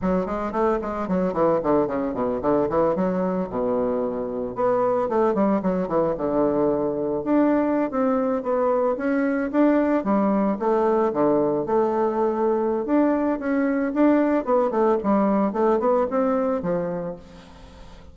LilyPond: \new Staff \with { instrumentName = "bassoon" } { \time 4/4 \tempo 4 = 112 fis8 gis8 a8 gis8 fis8 e8 d8 cis8 | b,8 d8 e8 fis4 b,4.~ | b,8 b4 a8 g8 fis8 e8 d8~ | d4. d'4~ d'16 c'4 b16~ |
b8. cis'4 d'4 g4 a16~ | a8. d4 a2~ a16 | d'4 cis'4 d'4 b8 a8 | g4 a8 b8 c'4 f4 | }